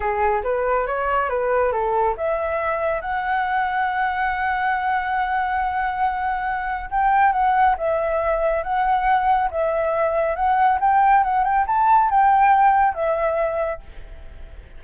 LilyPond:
\new Staff \with { instrumentName = "flute" } { \time 4/4 \tempo 4 = 139 gis'4 b'4 cis''4 b'4 | a'4 e''2 fis''4~ | fis''1~ | fis''1 |
g''4 fis''4 e''2 | fis''2 e''2 | fis''4 g''4 fis''8 g''8 a''4 | g''2 e''2 | }